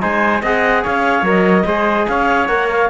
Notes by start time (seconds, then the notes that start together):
0.00 G#3 D#4 C5 G#5
0.42 C4 G#4 D#5 F#5
0.83 C#4 C#5 F5
1.22 F#3 A#4 D#5
1.66 G#3 G#4 C5
2.08 C#4 C#5 F5
2.47 A#3 A#4 F#5
2.71 F5